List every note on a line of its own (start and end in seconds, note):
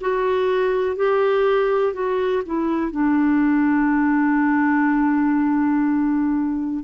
0.00 0.96 F#4
0.96 1.93 G4
1.93 2.42 F#4
2.45 2.91 E4
2.91 6.84 D4